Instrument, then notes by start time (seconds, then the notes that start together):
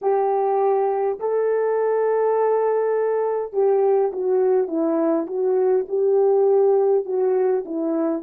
horn
0.01 G4
1.19 A4
3.52 G4
4.12 F#4
4.67 E4
5.26 F#4
5.88 G4
7.05 F#4
7.65 E4